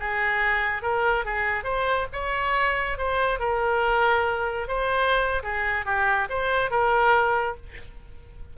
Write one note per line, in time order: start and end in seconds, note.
0.00 0.82 G#4
0.82 1.25 A#4
1.25 1.64 G#4
1.64 2.07 C5
2.13 2.98 C#5
2.98 3.39 C5
3.39 4.68 A#4
4.68 5.43 C5
5.43 5.85 G#4
5.85 6.28 G4
6.29 6.71 C5
6.71 7.56 A#4